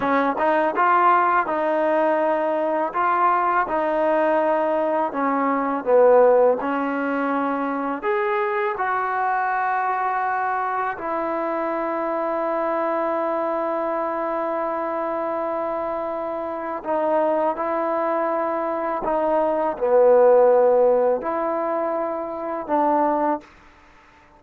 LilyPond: \new Staff \with { instrumentName = "trombone" } { \time 4/4 \tempo 4 = 82 cis'8 dis'8 f'4 dis'2 | f'4 dis'2 cis'4 | b4 cis'2 gis'4 | fis'2. e'4~ |
e'1~ | e'2. dis'4 | e'2 dis'4 b4~ | b4 e'2 d'4 | }